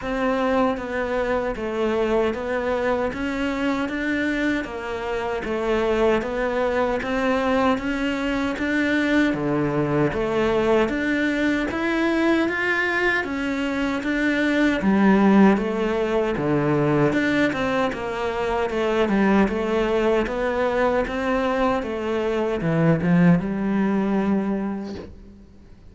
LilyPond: \new Staff \with { instrumentName = "cello" } { \time 4/4 \tempo 4 = 77 c'4 b4 a4 b4 | cis'4 d'4 ais4 a4 | b4 c'4 cis'4 d'4 | d4 a4 d'4 e'4 |
f'4 cis'4 d'4 g4 | a4 d4 d'8 c'8 ais4 | a8 g8 a4 b4 c'4 | a4 e8 f8 g2 | }